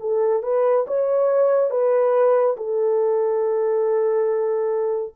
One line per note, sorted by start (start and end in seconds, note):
0.00 0.43 A4
0.43 0.86 B4
0.87 1.70 C#5
1.70 2.56 B4
2.56 5.14 A4